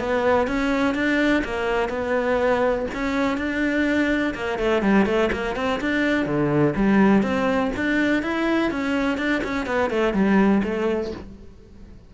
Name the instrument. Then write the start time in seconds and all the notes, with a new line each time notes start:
cello
0.00 B3
0.48 C#4
0.95 D4
1.45 A#3
1.89 B3
2.94 C#4
3.38 D4
4.35 A#3
4.59 A3
4.83 G3
5.06 A3
5.32 A#3
5.56 C4
5.81 D4
6.26 D3
6.76 G3
7.23 C4
7.76 D4
8.23 E4
8.71 C#4
9.18 D4
9.44 C#4
9.66 B3
9.90 A3
10.14 G3
10.64 A3